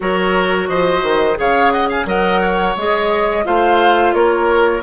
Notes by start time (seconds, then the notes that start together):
0.00 F#3 F#4 A#4 C#5
0.67 F3 C5 D#5
1.03 D#3
1.35 C#3 G#4 C#5 F5
1.71 D#5 F#5
1.88 F5 G#5
2.05 F#3 A#4 D#5 F#5
2.41 C#5
2.76 G#3 G#4 D#5
3.44 A3 F4 C5 F5
4.13 A#3 A#4 C#5